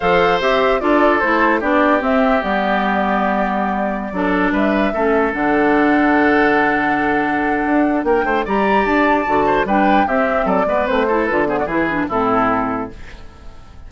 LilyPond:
<<
  \new Staff \with { instrumentName = "flute" } { \time 4/4 \tempo 4 = 149 f''4 e''4 d''4 c''4 | d''4 e''4 d''2~ | d''2.~ d''16 e''8.~ | e''4~ e''16 fis''2~ fis''8.~ |
fis''1 | g''4 ais''4 a''2 | g''4 e''4 d''4 c''4 | b'8 c''16 d''16 b'4 a'2 | }
  \new Staff \with { instrumentName = "oboe" } { \time 4/4 c''2 a'2 | g'1~ | g'2~ g'16 a'4 b'8.~ | b'16 a'2.~ a'8.~ |
a'1 | ais'8 c''8 d''2~ d''8 c''8 | b'4 g'4 a'8 b'4 a'8~ | a'8 gis'16 fis'16 gis'4 e'2 | }
  \new Staff \with { instrumentName = "clarinet" } { \time 4/4 a'4 g'4 f'4 e'4 | d'4 c'4 b2~ | b2~ b16 d'4.~ d'16~ | d'16 cis'4 d'2~ d'8.~ |
d'1~ | d'4 g'2 fis'4 | d'4 c'4. b8 c'8 e'8 | f'8 b8 e'8 d'8 c'2 | }
  \new Staff \with { instrumentName = "bassoon" } { \time 4/4 f4 c'4 d'4 a4 | b4 c'4 g2~ | g2~ g16 fis4 g8.~ | g16 a4 d2~ d8.~ |
d2. d'4 | ais8 a8 g4 d'4 d4 | g4 c'4 fis8 gis8 a4 | d4 e4 a,2 | }
>>